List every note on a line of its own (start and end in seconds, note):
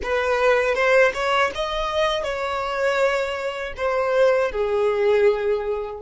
0.02 0.74 B4
0.74 1.12 C5
1.14 1.51 C#5
1.54 2.23 D#5
2.23 3.73 C#5
3.76 4.51 C5
4.51 6.01 G#4